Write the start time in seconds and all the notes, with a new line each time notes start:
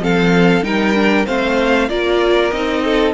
0.00 F3 C4 A4 F5
0.63 G3 D#4 A#4 G5
0.95 D4
1.26 A3 C4 C5 F5
1.89 A#3 F4 A#4 D5
2.51 C4 D#4 D#5
2.84 A4